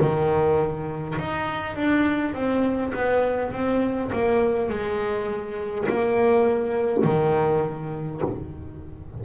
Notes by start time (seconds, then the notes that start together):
0.00 D#3
1.19 D#4
1.76 D4
2.34 C4
2.94 B3
3.52 C4
4.12 A#3
4.70 G#3
5.89 A#3
7.04 D#3